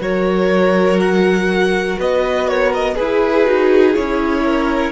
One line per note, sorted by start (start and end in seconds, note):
0.00 1.97 F#3
0.00 2.95 F#4
0.00 1.98 A#4
0.00 1.00 C#5
1.00 1.99 F#5
1.98 2.98 B3
1.98 2.48 B4
1.98 2.48 D#5
2.48 2.96 A#4
2.48 2.73 C#5
2.74 2.95 D#5
2.95 3.47 E4
2.95 4.43 G#4
2.95 3.45 G#4
2.95 3.94 B4
3.45 3.96 D#4
3.45 3.95 F#4
3.95 4.92 C#4
3.95 4.92 E4
3.95 4.92 C#5
4.44 4.92 A#4